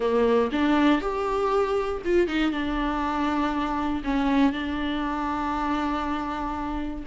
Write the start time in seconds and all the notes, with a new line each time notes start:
0.00 A#3
0.52 D4
1.01 G4
2.04 F4
2.27 D#4
2.51 D4
4.03 C#4
4.52 D4